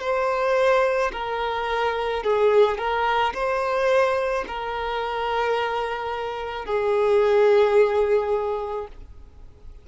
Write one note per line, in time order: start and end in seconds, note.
0.00 1.11 C5
1.12 2.23 A#4
2.23 2.78 G#4
2.78 3.33 A#4
3.33 4.44 C5
4.47 6.65 A#4
6.65 8.87 G#4